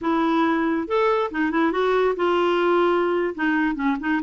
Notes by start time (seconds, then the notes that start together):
0.01 E4
0.87 A4
1.31 D#4
1.51 E4
1.71 F#4
2.15 F4
3.34 D#4
3.75 C#4
4.00 D#4